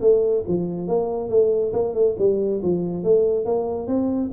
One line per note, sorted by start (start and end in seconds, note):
0.00 0.43 A3
0.47 0.87 F3
0.87 1.29 A#3
1.29 1.72 A3
1.73 1.94 A#3
1.94 2.15 A3
2.18 2.61 G3
2.62 3.03 F3
3.03 3.45 A3
3.45 3.87 A#3
3.87 4.30 C4